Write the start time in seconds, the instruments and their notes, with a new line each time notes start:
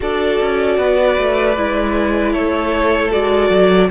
0.00 cello D4, viola F#4, violin A4 D5
0.40 cello C#4
0.78 cello B3, violin B4
1.18 cello A3
1.56 cello G#3, viola E4
2.32 cello A3, violin A4 C#5
3.11 cello G#3, viola F#4, violin D5
3.50 cello F#3